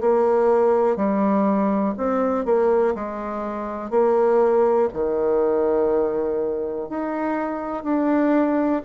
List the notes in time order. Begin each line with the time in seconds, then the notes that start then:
0.00 A#3
0.96 G3
1.97 C4
2.45 A#3
2.95 G#3
3.90 A#3
4.93 D#3
6.89 D#4
7.83 D4